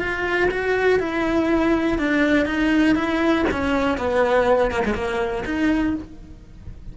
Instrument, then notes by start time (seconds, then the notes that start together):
cello
0.00 F4
0.51 F#4
1.00 E4
1.99 D4
2.46 D#4
2.95 E4
3.52 C#4
3.98 B3
4.72 A#3
4.85 G#3
4.95 A#3
5.46 D#4